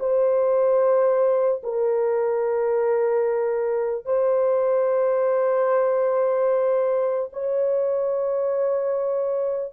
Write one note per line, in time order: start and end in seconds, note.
0.00 1.62 C5
1.64 4.06 A#4
4.06 7.30 C5
7.33 9.73 C#5